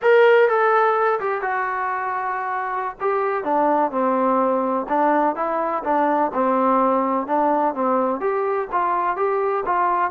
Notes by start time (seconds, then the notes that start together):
0.02 A#4
0.48 A4
1.19 G4
1.41 F#4
3.00 G4
3.44 D4
3.91 C4
4.88 D4
5.35 E4
5.84 D4
6.33 C4
7.26 D4
7.74 C4
8.20 G4
8.71 F4
9.16 G4
9.65 F4